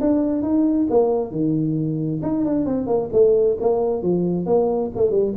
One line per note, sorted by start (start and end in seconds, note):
0.00 0.42 D4
0.42 0.87 D#4
0.90 1.31 A#3
1.31 2.21 D#3
2.22 2.44 D#4
2.45 2.65 D4
2.65 2.87 C4
2.87 3.09 A#3
3.12 3.57 A3
3.60 4.02 A#3
4.02 4.46 F3
4.46 4.90 A#3
4.95 5.11 A3
5.11 5.33 G3